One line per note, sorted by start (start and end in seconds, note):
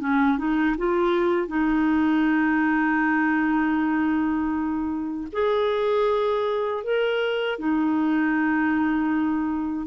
0.00 0.38 C#4
0.38 0.76 D#4
0.77 1.48 F4
1.48 5.28 D#4
5.32 6.84 G#4
6.84 7.58 A#4
7.58 9.86 D#4